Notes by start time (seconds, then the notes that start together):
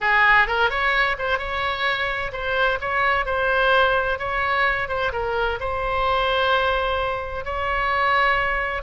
0.00 G#4
0.47 A#4
0.70 C#5
1.18 C5
1.38 C#5
2.32 C5
2.81 C#5
3.25 C5
4.18 C#5
4.88 C5
5.12 A#4
5.59 C5
7.45 C#5